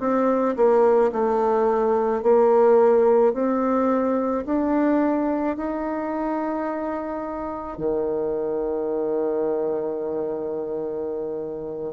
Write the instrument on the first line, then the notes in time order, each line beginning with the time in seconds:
bassoon
0.00 C4
0.57 A#3
1.13 A3
2.23 A#3
3.34 C4
4.46 D4
5.57 D#4
7.78 D#3